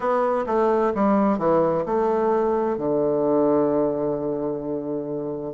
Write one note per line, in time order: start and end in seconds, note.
0.00 0.45 B3
0.46 0.92 A3
0.94 1.38 G3
1.38 1.84 E3
1.85 2.77 A3
2.77 5.53 D3